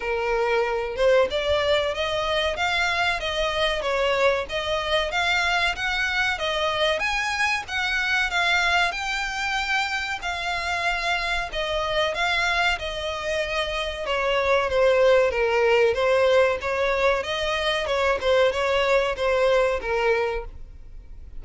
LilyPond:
\new Staff \with { instrumentName = "violin" } { \time 4/4 \tempo 4 = 94 ais'4. c''8 d''4 dis''4 | f''4 dis''4 cis''4 dis''4 | f''4 fis''4 dis''4 gis''4 | fis''4 f''4 g''2 |
f''2 dis''4 f''4 | dis''2 cis''4 c''4 | ais'4 c''4 cis''4 dis''4 | cis''8 c''8 cis''4 c''4 ais'4 | }